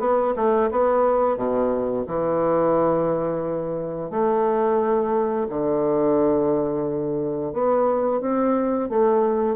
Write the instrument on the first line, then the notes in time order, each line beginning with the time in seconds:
bassoon
0.00 B3
0.36 A3
0.71 B3
1.37 B2
2.07 E3
4.11 A3
5.49 D3
7.53 B3
8.21 C4
8.90 A3